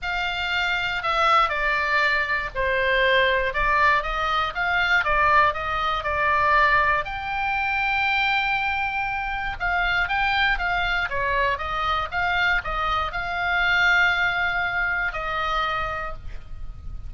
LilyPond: \new Staff \with { instrumentName = "oboe" } { \time 4/4 \tempo 4 = 119 f''2 e''4 d''4~ | d''4 c''2 d''4 | dis''4 f''4 d''4 dis''4 | d''2 g''2~ |
g''2. f''4 | g''4 f''4 cis''4 dis''4 | f''4 dis''4 f''2~ | f''2 dis''2 | }